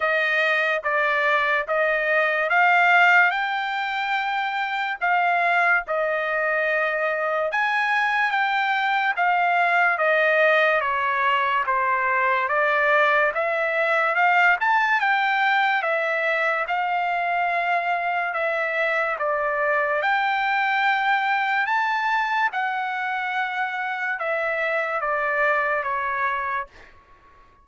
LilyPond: \new Staff \with { instrumentName = "trumpet" } { \time 4/4 \tempo 4 = 72 dis''4 d''4 dis''4 f''4 | g''2 f''4 dis''4~ | dis''4 gis''4 g''4 f''4 | dis''4 cis''4 c''4 d''4 |
e''4 f''8 a''8 g''4 e''4 | f''2 e''4 d''4 | g''2 a''4 fis''4~ | fis''4 e''4 d''4 cis''4 | }